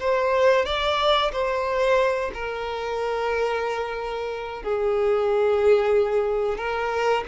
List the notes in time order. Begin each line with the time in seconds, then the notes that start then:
0.00 C5
0.66 D5
1.32 C5
2.34 A#4
4.63 G#4
6.58 A#4